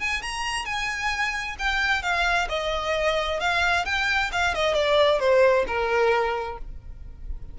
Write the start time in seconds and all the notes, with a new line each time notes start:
0.00 G#5
0.22 A#5
0.65 G#5
1.59 G5
2.03 F5
2.49 D#5
3.40 F5
3.86 G5
4.32 F5
4.55 D#5
4.74 D5
5.20 C5
5.67 A#4